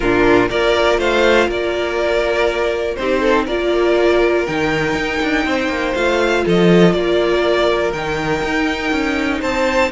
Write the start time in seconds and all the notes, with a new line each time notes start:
0.00 A#2 D4 F4 A#4
0.48 A#3 F4 A#4 D5
0.98 A3 C5 F5
1.47 A#3 A#4 D5
2.95 C4 D#4 G4 C5
3.19 A4
3.45 A#3 F4 A#4 D5
4.45 D#3 D#4 G5
4.95 D#4
5.22 D4
5.45 C4 C5
5.68 A#3
5.94 A3 F4 F5
6.45 F3 A4 D#5
6.92 A#3 D5
6.99 A#4
7.92 D#3 D#4 G5
8.43 D#4
8.91 C#4
9.40 C4 C5 A5